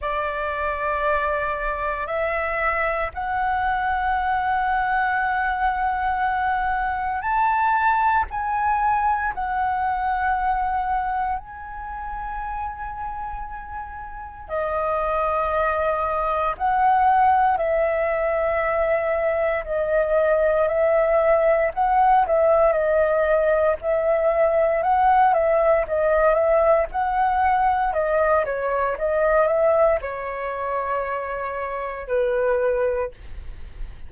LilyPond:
\new Staff \with { instrumentName = "flute" } { \time 4/4 \tempo 4 = 58 d''2 e''4 fis''4~ | fis''2. a''4 | gis''4 fis''2 gis''4~ | gis''2 dis''2 |
fis''4 e''2 dis''4 | e''4 fis''8 e''8 dis''4 e''4 | fis''8 e''8 dis''8 e''8 fis''4 dis''8 cis''8 | dis''8 e''8 cis''2 b'4 | }